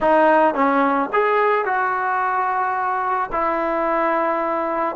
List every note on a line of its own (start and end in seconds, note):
0.01 0.54 D#4
0.54 1.09 C#4
1.12 1.65 G#4
1.65 3.30 F#4
3.32 4.95 E4